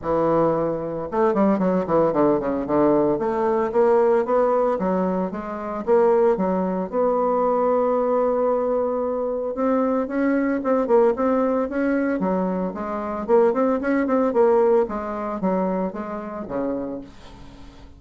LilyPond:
\new Staff \with { instrumentName = "bassoon" } { \time 4/4 \tempo 4 = 113 e2 a8 g8 fis8 e8 | d8 cis8 d4 a4 ais4 | b4 fis4 gis4 ais4 | fis4 b2.~ |
b2 c'4 cis'4 | c'8 ais8 c'4 cis'4 fis4 | gis4 ais8 c'8 cis'8 c'8 ais4 | gis4 fis4 gis4 cis4 | }